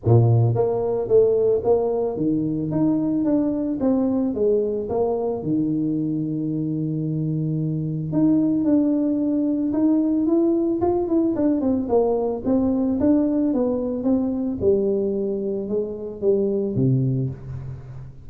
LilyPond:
\new Staff \with { instrumentName = "tuba" } { \time 4/4 \tempo 4 = 111 ais,4 ais4 a4 ais4 | dis4 dis'4 d'4 c'4 | gis4 ais4 dis2~ | dis2. dis'4 |
d'2 dis'4 e'4 | f'8 e'8 d'8 c'8 ais4 c'4 | d'4 b4 c'4 g4~ | g4 gis4 g4 c4 | }